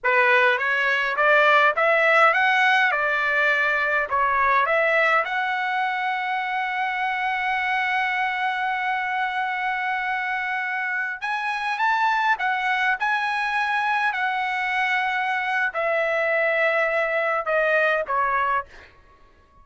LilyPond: \new Staff \with { instrumentName = "trumpet" } { \time 4/4 \tempo 4 = 103 b'4 cis''4 d''4 e''4 | fis''4 d''2 cis''4 | e''4 fis''2.~ | fis''1~ |
fis''2.~ fis''16 gis''8.~ | gis''16 a''4 fis''4 gis''4.~ gis''16~ | gis''16 fis''2~ fis''8. e''4~ | e''2 dis''4 cis''4 | }